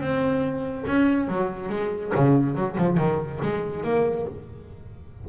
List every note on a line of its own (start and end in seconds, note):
0.00 0.85 C4
0.87 1.28 C#4
1.28 1.69 F#3
1.69 2.12 G#3
2.15 2.55 C#3
2.55 2.76 F#3
2.78 2.97 F3
2.97 3.40 D#3
3.42 3.83 G#3
3.83 4.26 A#3